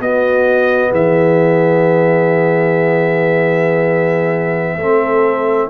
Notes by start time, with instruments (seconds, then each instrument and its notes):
0.00 tuba B3, trombone B3, horn F#4, trumpet D#5
0.90 tuba E3, horn G#4, trumpet E5
4.77 tuba A3, trombone C4, horn A4